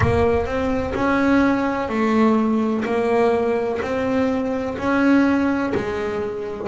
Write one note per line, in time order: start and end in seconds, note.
0.00 0.45 A#3
0.45 0.93 C4
0.94 1.88 C#4
1.88 2.84 A3
2.84 3.80 A#3
3.81 4.77 C4
4.77 5.73 C#4
5.74 6.67 G#3